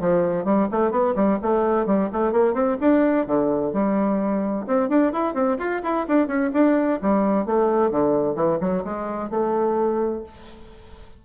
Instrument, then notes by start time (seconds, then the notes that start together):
bassoon
0.00 F3
0.44 G3
0.71 A3
0.91 B3
1.15 G3
1.42 A3
1.86 G3
2.12 A3
2.32 A#3
2.53 C4
2.81 D4
3.26 D3
3.73 G3
4.67 C4
4.89 D4
5.12 E4
5.34 C4
5.59 F4
5.83 E4
6.08 D4
6.27 C#4
6.53 D4
7.01 G3
7.46 A3
7.91 D3
8.35 E3
8.60 F#3
8.84 G#3
9.30 A3